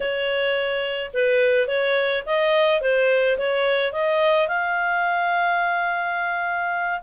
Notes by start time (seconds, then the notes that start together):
0.00 C#5
1.13 B4
1.67 C#5
2.26 D#5
2.81 C5
3.38 C#5
3.92 D#5
4.48 F5